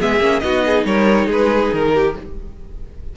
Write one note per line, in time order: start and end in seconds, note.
0.00 0.20 G#3
0.00 0.21 B3
0.00 0.43 G#4
0.00 0.40 E5
0.20 0.42 A#3
0.20 0.43 C#4
0.40 0.85 B3
0.40 2.16 D#4
0.40 0.65 F#4
0.40 0.83 D#5
0.66 0.87 G#4
0.85 1.28 G3
0.85 1.27 A#4
0.85 1.30 C#5
1.27 1.71 G#3
1.27 1.91 G#4
1.27 1.74 B4
1.73 2.16 D#3
1.73 2.17 A#4
1.94 2.16 G4